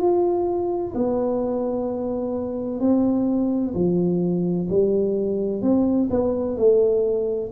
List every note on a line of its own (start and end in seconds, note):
0.00 0.94 F4
0.95 2.80 B3
2.80 3.74 C4
3.75 4.68 F3
4.69 5.62 G3
5.62 6.09 C4
6.10 6.57 B3
6.57 7.51 A3